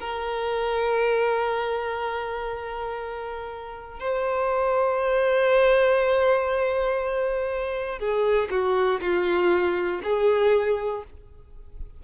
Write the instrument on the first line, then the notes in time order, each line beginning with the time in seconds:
violin
0.00 A#4
4.00 C5
7.99 G#4
8.50 F#4
9.01 F4
10.04 G#4